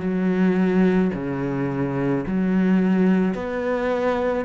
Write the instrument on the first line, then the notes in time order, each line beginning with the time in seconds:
cello
0.00 F#3
1.14 C#3
2.26 F#3
3.34 B3